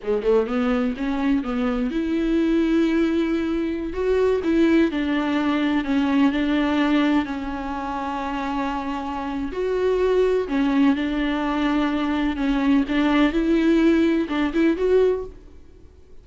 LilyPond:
\new Staff \with { instrumentName = "viola" } { \time 4/4 \tempo 4 = 126 gis8 a8 b4 cis'4 b4 | e'1~ | e'16 fis'4 e'4 d'4.~ d'16~ | d'16 cis'4 d'2 cis'8.~ |
cis'1 | fis'2 cis'4 d'4~ | d'2 cis'4 d'4 | e'2 d'8 e'8 fis'4 | }